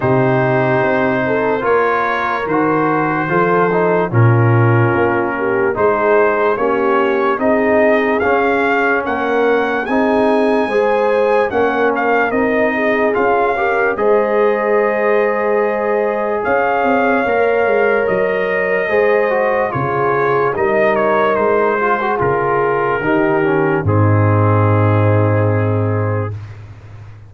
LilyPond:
<<
  \new Staff \with { instrumentName = "trumpet" } { \time 4/4 \tempo 4 = 73 c''2 cis''4 c''4~ | c''4 ais'2 c''4 | cis''4 dis''4 f''4 fis''4 | gis''2 fis''8 f''8 dis''4 |
f''4 dis''2. | f''2 dis''2 | cis''4 dis''8 cis''8 c''4 ais'4~ | ais'4 gis'2. | }
  \new Staff \with { instrumentName = "horn" } { \time 4/4 g'4. a'8 ais'2 | a'4 f'4. g'8 gis'4 | g'4 gis'2 ais'4 | gis'4 c''4 ais'4. gis'8~ |
gis'8 ais'8 c''2. | cis''2. c''4 | gis'4 ais'4. gis'4. | g'4 dis'2. | }
  \new Staff \with { instrumentName = "trombone" } { \time 4/4 dis'2 f'4 fis'4 | f'8 dis'8 cis'2 dis'4 | cis'4 dis'4 cis'2 | dis'4 gis'4 cis'4 dis'4 |
f'8 g'8 gis'2.~ | gis'4 ais'2 gis'8 fis'8 | f'4 dis'4. f'16 fis'16 f'4 | dis'8 cis'8 c'2. | }
  \new Staff \with { instrumentName = "tuba" } { \time 4/4 c4 c'4 ais4 dis4 | f4 ais,4 ais4 gis4 | ais4 c'4 cis'4 ais4 | c'4 gis4 ais4 c'4 |
cis'4 gis2. | cis'8 c'8 ais8 gis8 fis4 gis4 | cis4 g4 gis4 cis4 | dis4 gis,2. | }
>>